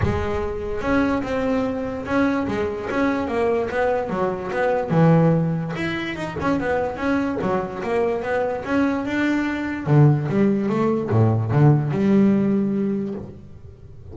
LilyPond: \new Staff \with { instrumentName = "double bass" } { \time 4/4 \tempo 4 = 146 gis2 cis'4 c'4~ | c'4 cis'4 gis4 cis'4 | ais4 b4 fis4 b4 | e2 e'4 dis'8 cis'8 |
b4 cis'4 fis4 ais4 | b4 cis'4 d'2 | d4 g4 a4 a,4 | d4 g2. | }